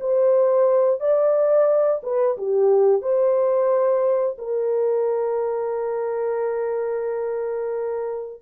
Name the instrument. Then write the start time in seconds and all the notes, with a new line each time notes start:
horn
0.00 C5
1.01 D5
2.03 B4
2.37 G4
3.02 C5
4.39 A#4